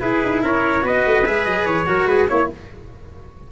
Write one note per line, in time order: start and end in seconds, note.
0.00 0.82 E4
0.00 0.22 E4
0.00 0.42 G#4
0.00 0.41 B4
0.24 0.43 D#4
0.42 0.84 C#4
0.42 0.84 A#4
0.42 0.87 C#5
0.82 1.04 B3
0.82 1.23 F#4
0.82 1.88 B4
0.82 1.26 D#5
1.06 1.26 A3
1.26 1.46 G#3
1.26 1.86 G#4
1.26 1.45 E5
1.45 1.66 F#3
1.45 1.66 D#5
1.66 1.86 E3
1.66 2.07 C#5
1.86 2.06 F#3
1.86 2.28 F#4
1.86 2.09 A#4
2.06 2.27 G#3
2.06 2.30 G#4
2.06 2.28 B4
2.28 2.51 A#3
2.28 2.49 E4
2.28 2.49 C#5
2.28 2.50 C#5